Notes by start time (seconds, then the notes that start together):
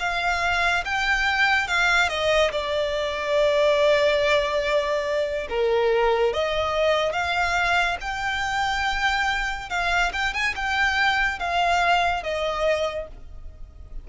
0.00 F5
0.85 G5
1.68 F5
2.09 D#5
2.52 D5
5.50 A#4
6.33 D#5
7.13 F5
8.01 G5
9.70 F5
10.13 G5
10.34 G#5
10.56 G5
11.40 F5
12.23 D#5